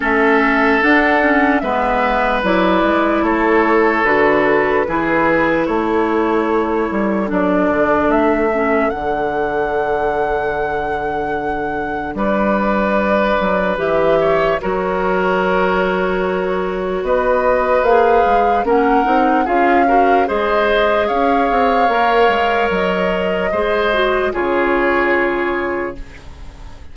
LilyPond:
<<
  \new Staff \with { instrumentName = "flute" } { \time 4/4 \tempo 4 = 74 e''4 fis''4 e''4 d''4 | cis''4 b'2 cis''4~ | cis''4 d''4 e''4 fis''4~ | fis''2. d''4~ |
d''4 e''4 cis''2~ | cis''4 dis''4 f''4 fis''4 | f''4 dis''4 f''2 | dis''2 cis''2 | }
  \new Staff \with { instrumentName = "oboe" } { \time 4/4 a'2 b'2 | a'2 gis'4 a'4~ | a'1~ | a'2. b'4~ |
b'4. cis''8 ais'2~ | ais'4 b'2 ais'4 | gis'8 ais'8 c''4 cis''2~ | cis''4 c''4 gis'2 | }
  \new Staff \with { instrumentName = "clarinet" } { \time 4/4 cis'4 d'8 cis'8 b4 e'4~ | e'4 fis'4 e'2~ | e'4 d'4. cis'8 d'4~ | d'1~ |
d'4 g'4 fis'2~ | fis'2 gis'4 cis'8 dis'8 | f'8 fis'8 gis'2 ais'4~ | ais'4 gis'8 fis'8 f'2 | }
  \new Staff \with { instrumentName = "bassoon" } { \time 4/4 a4 d'4 gis4 fis8 gis8 | a4 d4 e4 a4~ | a8 g8 fis8 d8 a4 d4~ | d2. g4~ |
g8 fis8 e4 fis2~ | fis4 b4 ais8 gis8 ais8 c'8 | cis'4 gis4 cis'8 c'8 ais8 gis8 | fis4 gis4 cis2 | }
>>